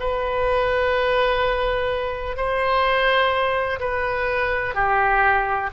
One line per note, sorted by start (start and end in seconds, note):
0.00 2.37 B4
2.37 3.80 C5
3.80 4.75 B4
4.75 5.71 G4